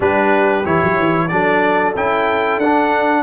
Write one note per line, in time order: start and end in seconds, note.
0.00 0.63 G3
0.00 0.63 D4
0.00 1.27 G4
0.00 0.65 B4
0.64 0.82 E3
0.64 1.29 E4
0.64 1.27 C#5
0.82 0.99 F#3
0.99 1.31 E3
1.27 1.95 F#3
1.27 1.95 D4
1.27 3.23 A4
1.27 1.93 D5
1.95 2.58 C#4
1.95 2.61 E4
1.95 2.59 G5
2.58 3.23 D4
2.58 3.23 F#5